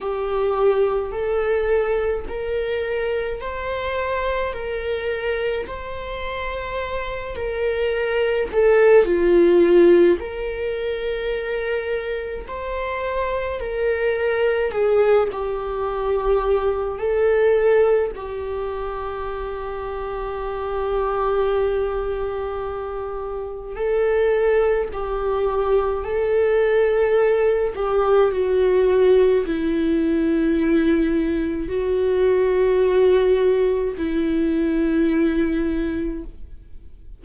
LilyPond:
\new Staff \with { instrumentName = "viola" } { \time 4/4 \tempo 4 = 53 g'4 a'4 ais'4 c''4 | ais'4 c''4. ais'4 a'8 | f'4 ais'2 c''4 | ais'4 gis'8 g'4. a'4 |
g'1~ | g'4 a'4 g'4 a'4~ | a'8 g'8 fis'4 e'2 | fis'2 e'2 | }